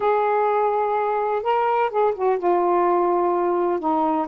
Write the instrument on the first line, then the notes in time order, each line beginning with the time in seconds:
saxophone
0.00 G#4
1.42 A#4
1.90 G#4
2.15 F#4
2.38 F4
3.79 D#4